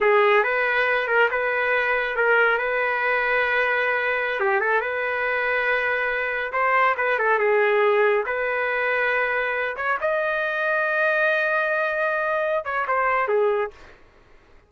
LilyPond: \new Staff \with { instrumentName = "trumpet" } { \time 4/4 \tempo 4 = 140 gis'4 b'4. ais'8 b'4~ | b'4 ais'4 b'2~ | b'2~ b'16 g'8 a'8 b'8.~ | b'2.~ b'16 c''8.~ |
c''16 b'8 a'8 gis'2 b'8.~ | b'2~ b'8. cis''8 dis''8.~ | dis''1~ | dis''4. cis''8 c''4 gis'4 | }